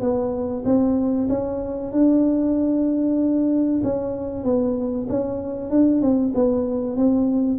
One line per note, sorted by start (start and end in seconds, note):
0.00 0.63 B3
0.65 1.28 C4
1.28 1.91 C#4
1.92 3.82 D4
3.83 4.44 C#4
4.44 5.07 B3
5.09 5.70 C#4
5.70 6.01 D4
6.01 6.32 C4
6.34 6.96 B3
6.96 7.59 C4